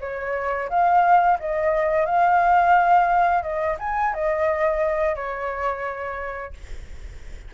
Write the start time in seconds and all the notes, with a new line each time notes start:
0.00 C#5
0.69 F5
1.39 D#5
2.06 F5
3.42 D#5
3.79 G#5
4.14 D#5
5.15 C#5